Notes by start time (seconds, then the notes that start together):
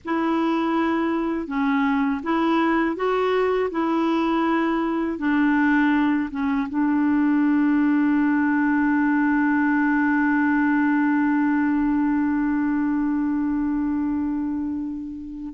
0.04 E4
1.46 C#4
2.23 E4
2.96 F#4
3.70 E4
5.18 D4
6.31 C#4
6.68 D4